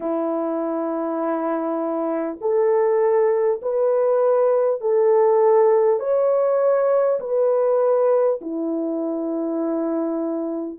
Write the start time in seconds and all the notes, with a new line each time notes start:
0.00 E4
2.41 A4
3.62 B4
4.80 A4
5.99 C#5
7.20 B4
8.41 E4